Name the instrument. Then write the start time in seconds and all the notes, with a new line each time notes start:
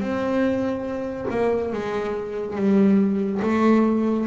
double bass
0.00 C4
1.30 A#3
1.72 G#3
2.55 G3
3.42 A3